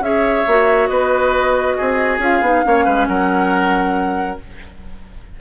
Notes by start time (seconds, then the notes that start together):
0.00 C#4 G#4 C#5 E5
0.47 A#3 F#4
0.87 B3 B4 D#5
1.77 C4 G#4
2.19 C#4 F4 F5
2.41 B3 D#4
2.65 A#3 C#4 C#5
2.85 G#3 B4
3.07 F#3 A#4 F#5